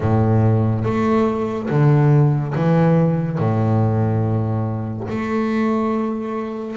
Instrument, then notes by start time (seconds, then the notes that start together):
double bass
0.00 A2
0.84 A3
1.69 D3
2.55 E3
3.38 A2
5.09 A3